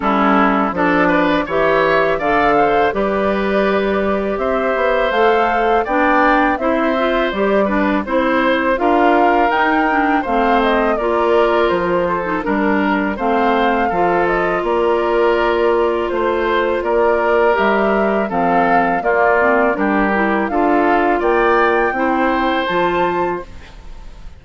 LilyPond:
<<
  \new Staff \with { instrumentName = "flute" } { \time 4/4 \tempo 4 = 82 a'4 d''4 e''4 f''4 | d''2 e''4 f''4 | g''4 e''4 d''4 c''4 | f''4 g''4 f''8 dis''8 d''4 |
c''4 ais'4 f''4. dis''8 | d''2 c''4 d''4 | e''4 f''4 d''4 ais'4 | f''4 g''2 a''4 | }
  \new Staff \with { instrumentName = "oboe" } { \time 4/4 e'4 a'8 b'8 cis''4 d''8 c''8 | b'2 c''2 | d''4 c''4. b'8 c''4 | ais'2 c''4 ais'4~ |
ais'8 a'8 ais'4 c''4 a'4 | ais'2 c''4 ais'4~ | ais'4 a'4 f'4 g'4 | a'4 d''4 c''2 | }
  \new Staff \with { instrumentName = "clarinet" } { \time 4/4 cis'4 d'4 g'4 a'4 | g'2. a'4 | d'4 e'8 f'8 g'8 d'8 e'4 | f'4 dis'8 d'8 c'4 f'4~ |
f'8. dis'16 d'4 c'4 f'4~ | f'1 | g'4 c'4 ais8 c'8 d'8 e'8 | f'2 e'4 f'4 | }
  \new Staff \with { instrumentName = "bassoon" } { \time 4/4 g4 f4 e4 d4 | g2 c'8 b8 a4 | b4 c'4 g4 c'4 | d'4 dis'4 a4 ais4 |
f4 g4 a4 f4 | ais2 a4 ais4 | g4 f4 ais4 g4 | d'4 ais4 c'4 f4 | }
>>